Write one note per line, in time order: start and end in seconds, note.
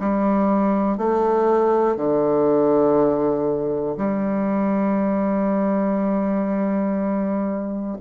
0.00 0.98 G3
0.98 1.96 A3
1.96 3.96 D3
3.97 7.97 G3